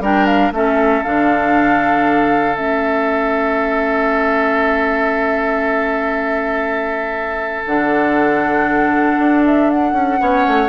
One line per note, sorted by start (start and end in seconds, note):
0.00 0.51 G3
0.00 0.53 D4
0.00 0.53 A#4
0.00 0.27 G5
0.27 0.52 F5
0.52 1.03 A3
0.52 1.05 C#4
0.52 10.21 A4
0.52 1.04 E5
1.04 2.58 D3
1.04 2.55 D4
1.04 2.56 F5
2.55 7.67 A3
2.55 7.63 C#4
2.55 7.65 E5
7.67 9.19 D3
7.67 10.20 D4
7.67 9.45 F#5
9.19 9.93 D4
9.46 9.71 E5
9.71 10.69 F#5
9.93 10.18 C#4
10.20 10.47 B3
10.20 10.69 C#4
10.20 10.69 C#5
10.48 10.69 A3